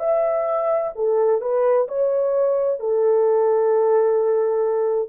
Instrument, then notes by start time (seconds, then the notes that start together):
horn
0.00 E5
0.95 A4
1.41 B4
1.88 C#5
2.80 A4